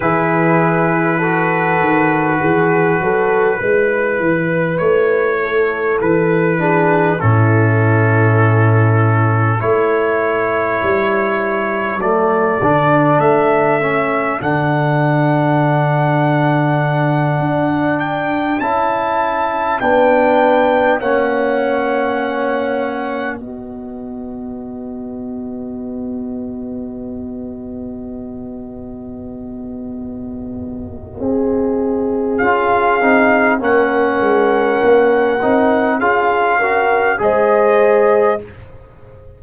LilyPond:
<<
  \new Staff \with { instrumentName = "trumpet" } { \time 4/4 \tempo 4 = 50 b'1 | cis''4 b'4 a'2 | cis''2 d''4 e''4 | fis''2. g''8 a''8~ |
a''8 g''4 fis''2 dis''8~ | dis''1~ | dis''2. f''4 | fis''2 f''4 dis''4 | }
  \new Staff \with { instrumentName = "horn" } { \time 4/4 gis'4 a'4 gis'8 a'8 b'4~ | b'8 a'4 gis'8 e'2 | a'1~ | a'1~ |
a'8 b'4 cis''2 b'8~ | b'1~ | b'2 gis'2 | ais'2 gis'8 ais'8 c''4 | }
  \new Staff \with { instrumentName = "trombone" } { \time 4/4 e'4 fis'2 e'4~ | e'4. d'8 cis'2 | e'2 a8 d'4 cis'8 | d'2.~ d'8 e'8~ |
e'8 d'4 cis'2 fis'8~ | fis'1~ | fis'2. f'8 dis'8 | cis'4. dis'8 f'8 fis'8 gis'4 | }
  \new Staff \with { instrumentName = "tuba" } { \time 4/4 e4. dis8 e8 fis8 gis8 e8 | a4 e4 a,2 | a4 g4 fis8 d8 a4 | d2~ d8 d'4 cis'8~ |
cis'8 b4 ais2 b8~ | b1~ | b2 c'4 cis'8 c'8 | ais8 gis8 ais8 c'8 cis'4 gis4 | }
>>